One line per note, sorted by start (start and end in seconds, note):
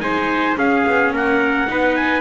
0.00 0.56 G#3
0.00 0.56 D#4
0.00 0.58 C5
0.00 0.56 G#5
0.56 1.67 C#4
0.56 0.85 C#4
0.56 1.13 G#4
0.56 1.13 F5
0.86 1.13 B3
1.13 1.68 A#3
1.13 1.68 A#4
1.13 1.96 F#5
1.68 2.20 B3
1.68 2.20 D#4
1.68 2.20 B4
1.96 2.20 G#5